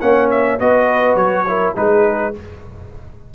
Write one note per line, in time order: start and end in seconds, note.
0.00 0.59 A#3
0.00 0.59 C#4
0.00 0.58 C#5
0.00 0.29 F#5
0.30 0.59 E5
0.58 1.15 B3
0.58 1.46 F#4
0.58 1.44 B4
0.58 1.16 D#5
1.15 1.73 F#3
1.15 1.73 C#5
1.47 1.75 E4
1.47 1.74 A#4
1.74 2.34 G#3
1.74 2.33 D#4
1.74 2.32 G#4
1.74 2.34 B4